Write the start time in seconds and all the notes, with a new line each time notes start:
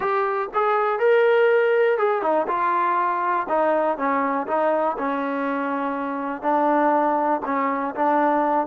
0.00 G4
0.54 G#4
0.99 A#4
1.97 G#4
2.22 D#4
2.47 F4
3.48 D#4
3.97 C#4
4.47 D#4
4.97 C#4
6.41 D4
7.45 C#4
7.95 D4